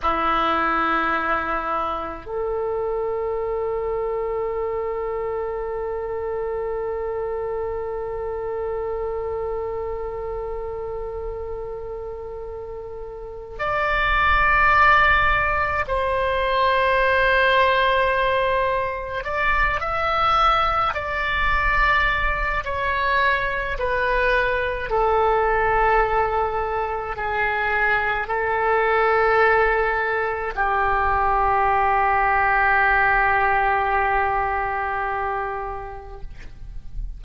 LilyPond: \new Staff \with { instrumentName = "oboe" } { \time 4/4 \tempo 4 = 53 e'2 a'2~ | a'1~ | a'1 | d''2 c''2~ |
c''4 d''8 e''4 d''4. | cis''4 b'4 a'2 | gis'4 a'2 g'4~ | g'1 | }